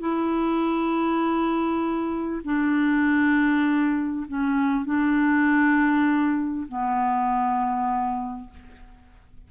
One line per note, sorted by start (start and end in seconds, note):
0.00 2.42 E4
2.45 4.27 D4
4.28 4.86 C#4
4.86 6.67 D4
6.69 8.51 B3